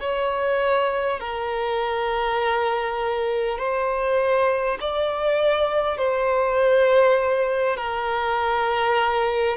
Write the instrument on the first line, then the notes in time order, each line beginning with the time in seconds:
violin
0.00 C#5
1.20 A#4
3.58 C5
4.81 D5
5.98 C5
7.77 A#4